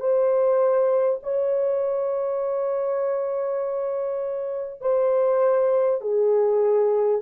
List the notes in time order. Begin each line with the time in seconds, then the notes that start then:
0.00 C5
1.23 C#5
4.82 C5
6.01 G#4